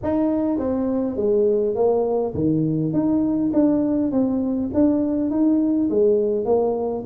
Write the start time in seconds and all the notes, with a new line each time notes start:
0.02 D#4
0.58 C4
1.16 G#3
1.75 A#3
2.34 D#3
2.93 D#4
3.53 D4
4.11 C4
4.74 D4
5.30 D#4
5.90 G#3
6.45 A#3